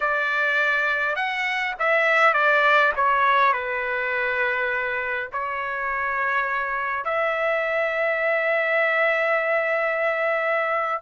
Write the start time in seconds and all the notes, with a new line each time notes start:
0.00 D5
1.15 F#5
1.79 E5
2.33 D5
2.96 C#5
3.53 B4
5.32 C#5
7.05 E5